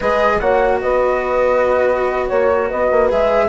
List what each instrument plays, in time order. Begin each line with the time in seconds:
0.00 bassoon G#3, cello G#4, horn B4, flute D#5
0.39 bassoon A#3, cello F#4, horn C#5, flute F#5
0.80 bassoon B3, horn B4, flute D#5
2.28 bassoon A#3, horn C#5, flute C#5
2.68 bassoon B3, horn B4, flute D#5
2.91 bassoon A#3
3.09 bassoon G#3, cello G#4, flute E5